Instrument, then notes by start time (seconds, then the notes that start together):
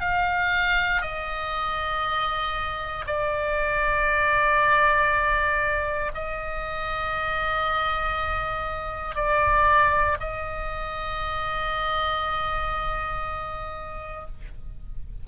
oboe
0.00 F5
1.01 D#5
3.06 D5
6.14 D#5
9.15 D5
10.20 D#5